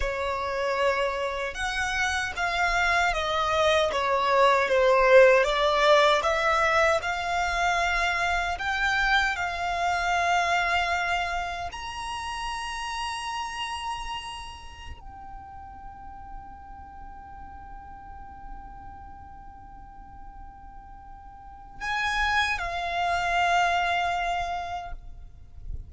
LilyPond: \new Staff \with { instrumentName = "violin" } { \time 4/4 \tempo 4 = 77 cis''2 fis''4 f''4 | dis''4 cis''4 c''4 d''4 | e''4 f''2 g''4 | f''2. ais''4~ |
ais''2.~ ais''16 g''8.~ | g''1~ | g''1 | gis''4 f''2. | }